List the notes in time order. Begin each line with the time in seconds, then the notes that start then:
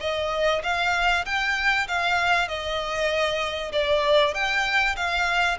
0.00 D#5
0.63 F5
1.25 G5
1.88 F5
2.48 D#5
3.72 D5
4.34 G5
4.96 F5